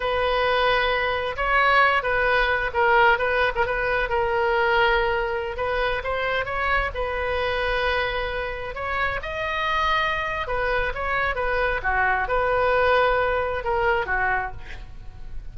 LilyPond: \new Staff \with { instrumentName = "oboe" } { \time 4/4 \tempo 4 = 132 b'2. cis''4~ | cis''8 b'4. ais'4 b'8. ais'16 | b'4 ais'2.~ | ais'16 b'4 c''4 cis''4 b'8.~ |
b'2.~ b'16 cis''8.~ | cis''16 dis''2~ dis''8. b'4 | cis''4 b'4 fis'4 b'4~ | b'2 ais'4 fis'4 | }